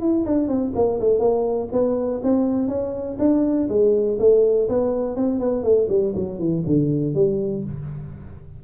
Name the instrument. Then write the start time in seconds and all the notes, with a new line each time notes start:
tuba
0.00 E4
0.26 D4
0.48 C4
0.75 A#3
1.00 A3
1.19 A#3
1.72 B3
2.23 C4
2.68 C#4
3.19 D4
3.69 G#3
4.19 A3
4.69 B3
5.16 C4
5.39 B3
5.63 A3
5.89 G3
6.15 F#3
6.39 E3
6.66 D3
7.14 G3